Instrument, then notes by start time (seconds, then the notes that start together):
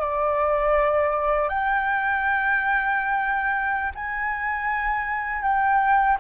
flute
0.00 D5
1.49 G5
3.95 G#5
5.42 G5